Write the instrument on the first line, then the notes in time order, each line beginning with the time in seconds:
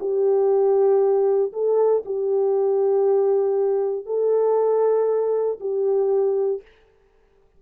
horn
0.00 G4
1.53 A4
2.06 G4
4.07 A4
5.61 G4